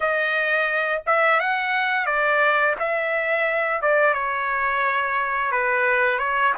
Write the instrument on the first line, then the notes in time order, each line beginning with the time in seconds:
trumpet
0.00 D#5
1.06 E5
1.39 F#5
2.06 D5
2.79 E5
3.81 D5
4.13 C#5
5.51 B4
6.18 C#5